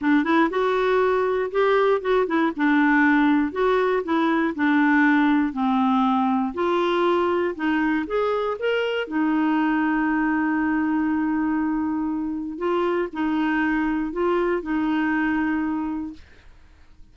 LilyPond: \new Staff \with { instrumentName = "clarinet" } { \time 4/4 \tempo 4 = 119 d'8 e'8 fis'2 g'4 | fis'8 e'8 d'2 fis'4 | e'4 d'2 c'4~ | c'4 f'2 dis'4 |
gis'4 ais'4 dis'2~ | dis'1~ | dis'4 f'4 dis'2 | f'4 dis'2. | }